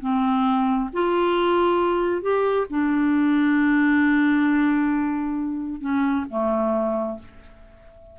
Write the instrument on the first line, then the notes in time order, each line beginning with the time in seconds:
clarinet
0.00 C4
0.93 F4
2.22 G4
2.70 D4
5.81 C#4
6.29 A3